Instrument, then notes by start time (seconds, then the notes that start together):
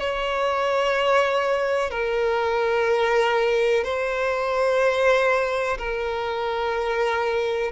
violin
0.00 C#5
1.90 A#4
3.84 C5
5.78 A#4